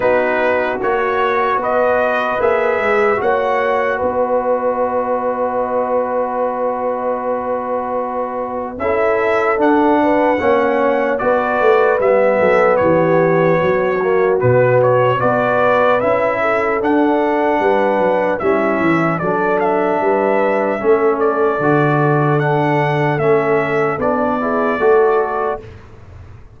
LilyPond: <<
  \new Staff \with { instrumentName = "trumpet" } { \time 4/4 \tempo 4 = 75 b'4 cis''4 dis''4 e''4 | fis''4 dis''2.~ | dis''2. e''4 | fis''2 d''4 e''4 |
cis''2 b'8 cis''8 d''4 | e''4 fis''2 e''4 | d''8 e''2 d''4. | fis''4 e''4 d''2 | }
  \new Staff \with { instrumentName = "horn" } { \time 4/4 fis'2 b'2 | cis''4 b'2.~ | b'2. a'4~ | a'8 b'8 cis''4 b'4. a'8 |
g'4 fis'2 b'4~ | b'8 a'4. b'4 e'4 | a'4 b'4 a'2~ | a'2~ a'8 gis'8 a'4 | }
  \new Staff \with { instrumentName = "trombone" } { \time 4/4 dis'4 fis'2 gis'4 | fis'1~ | fis'2. e'4 | d'4 cis'4 fis'4 b4~ |
b4. ais8 b4 fis'4 | e'4 d'2 cis'4 | d'2 cis'4 fis'4 | d'4 cis'4 d'8 e'8 fis'4 | }
  \new Staff \with { instrumentName = "tuba" } { \time 4/4 b4 ais4 b4 ais8 gis8 | ais4 b2.~ | b2. cis'4 | d'4 ais4 b8 a8 g8 fis8 |
e4 fis4 b,4 b4 | cis'4 d'4 g8 fis8 g8 e8 | fis4 g4 a4 d4~ | d4 a4 b4 a4 | }
>>